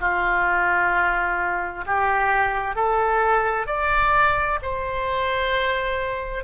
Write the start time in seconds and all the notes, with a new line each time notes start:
0.00 F4
1.86 G4
2.75 A4
3.66 D5
4.62 C5